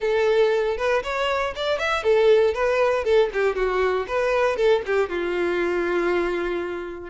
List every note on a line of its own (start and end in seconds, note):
0.00 0.77 A4
0.77 1.02 B4
1.03 1.54 C#5
1.55 1.78 D5
1.78 2.03 E5
2.03 2.54 A4
2.54 3.04 B4
3.04 3.29 A4
3.33 3.55 G4
3.55 4.06 F#4
4.07 4.56 B4
4.56 4.82 A4
4.86 5.09 G4
5.09 7.10 F4